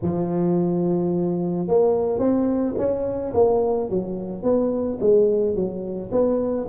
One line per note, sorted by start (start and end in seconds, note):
0.02 1.67 F3
1.67 2.18 A#3
2.18 2.74 C4
2.77 3.33 C#4
3.33 3.89 A#3
3.89 4.43 F#3
4.43 4.98 B3
5.00 5.55 G#3
5.55 6.11 F#3
6.11 6.67 B3